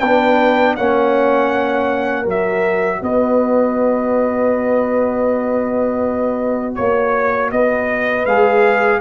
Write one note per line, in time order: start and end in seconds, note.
0.00 0.77 B3
0.00 0.78 D4
0.00 0.75 B4
0.00 0.75 G5
0.76 2.25 A#3
0.76 2.25 C#4
0.76 2.23 C#5
0.76 2.26 F#5
2.23 3.00 F#3
2.23 8.25 F#4
2.23 2.98 A#4
2.30 3.04 E5
3.03 6.78 B3
3.03 6.76 B4
3.03 6.75 D#5
6.75 7.52 A#3
6.75 7.50 C#5
6.75 7.51 C#5
7.52 8.26 B3
7.52 9.01 B4
7.52 8.26 D#5
8.26 9.01 G#3
8.26 9.01 G#4
8.26 9.01 F5